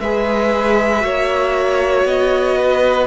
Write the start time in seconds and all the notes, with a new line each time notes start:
0.00 G#3 G#4 B4 E5
1.00 A#3 F#4 C#5
2.05 B3 D#5
2.58 B4